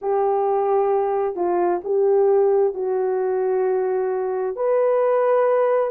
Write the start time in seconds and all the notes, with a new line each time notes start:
0.01 G4
1.35 F4
1.83 G4
2.74 F#4
4.55 B4